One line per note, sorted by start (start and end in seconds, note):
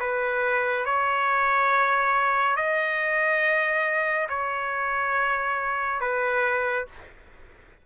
0.00 0.86 B4
0.86 2.56 C#5
2.56 4.28 D#5
4.29 6.01 C#5
6.01 6.86 B4